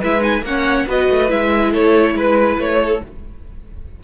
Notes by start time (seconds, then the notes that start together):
0.00 G#3 E4 B4 E5
0.20 D#4 G#5
0.41 A#3 C#4 C#5 F#5
0.86 B3 F#4 B4 D#5
1.10 A3
1.28 G#3 E4 E5
1.70 A3 A4 C#5
2.14 G#3 B4
2.58 A3 C#5
2.82 A4